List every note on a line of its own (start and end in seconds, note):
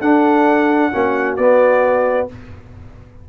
0.00 0.92 D4
0.00 0.91 A4
0.00 1.36 F#5
0.92 1.38 A#3
0.92 1.37 C#4
0.92 2.29 F#4
1.36 2.29 B3
1.36 2.27 D5